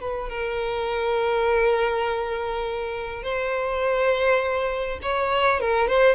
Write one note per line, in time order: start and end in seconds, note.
0.00 0.29 B4
0.29 3.23 A#4
3.23 4.99 C5
5.02 5.60 C#5
5.60 5.88 A#4
5.88 6.15 C5